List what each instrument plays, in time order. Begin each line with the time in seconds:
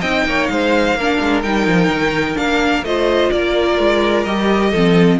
0.00 cello C4, viola D#4, violin D#5 G5
0.26 cello A#3, violin C#5
0.47 cello G#3, violin C5 F5
0.94 cello A#3, violin A#4
1.01 viola D4
1.21 cello G#3
1.43 cello G3, viola D#4, violin G5
1.67 cello F3
1.88 cello D#3
2.36 cello A#3, viola D4, violin F5
2.82 cello A3, viola F4, violin C5 D#5
3.31 cello A#3, violin A#4 D5
3.79 cello G#3
4.25 cello G3, viola G4, violin D#5
4.71 cello F3, viola C4, violin A4